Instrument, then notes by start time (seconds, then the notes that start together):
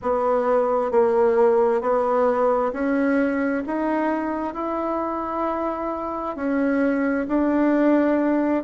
bassoon
0.02 B3
0.91 A#3
1.81 B3
2.72 C#4
3.66 D#4
4.54 E4
6.36 C#4
7.28 D4